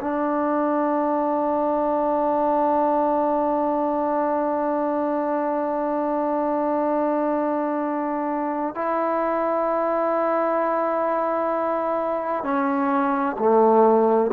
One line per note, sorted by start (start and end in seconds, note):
0.00 8.75 D4
8.75 12.44 E4
12.44 13.36 C#4
13.38 14.31 A3